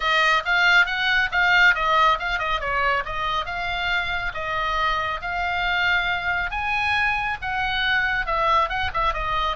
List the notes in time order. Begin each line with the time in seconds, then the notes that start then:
0.00 D#5
0.45 F5
0.86 F#5
1.31 F5
1.74 D#5
2.19 F5
2.38 D#5
2.60 C#5
3.05 D#5
3.45 F5
4.34 D#5
5.21 F5
6.50 G#5
7.41 F#5
8.25 E5
8.69 F#5
8.93 E5
9.13 D#5